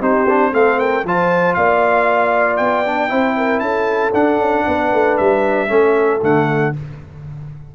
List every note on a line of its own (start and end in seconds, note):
0.00 0.53 C4
0.00 0.27 D#4
0.00 0.52 G4
0.00 0.54 C5
0.29 0.52 D4
0.52 1.05 A3
0.52 1.04 C4
0.52 0.80 A4
0.52 0.80 F5
0.80 1.06 A#4
0.80 1.06 G5
1.05 1.57 F3
1.05 2.86 F4
1.05 1.58 C5
1.05 1.54 A5
1.54 2.61 A#3
1.54 3.11 D5
1.54 2.57 F5
2.57 3.12 B3
2.57 3.60 G5
2.86 3.09 D4
3.09 3.61 C4
3.09 4.12 E4
3.09 3.37 C5
3.37 3.63 A#4
3.60 4.13 C#4
3.60 4.66 A4
3.60 4.12 A5
4.14 4.38 D4
4.14 5.69 D4
4.14 5.18 F#5
4.38 4.64 C#4
4.67 4.93 B3
4.67 5.70 B4
4.93 5.19 A3
5.18 5.70 G3
5.18 6.21 E5
5.69 6.22 A3
5.69 6.20 C#4
5.69 6.75 A4
6.23 6.75 D3
6.23 6.74 A3
6.23 6.76 F#5